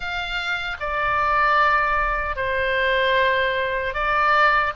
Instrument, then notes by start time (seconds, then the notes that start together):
oboe
0.00 F5
0.80 D5
2.36 C5
3.94 D5